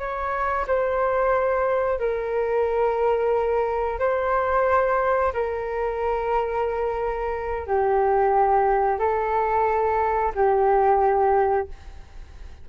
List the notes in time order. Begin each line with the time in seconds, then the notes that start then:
0.00 C#5
0.68 C5
2.00 A#4
4.00 C5
5.34 A#4
7.67 G4
8.99 A4
10.35 G4